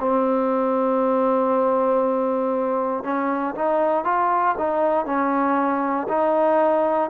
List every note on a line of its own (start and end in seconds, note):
0.00 3.04 C4
3.04 3.55 C#4
3.55 4.05 D#4
4.05 4.56 F4
4.59 5.06 D#4
5.06 6.08 C#4
6.09 7.10 D#4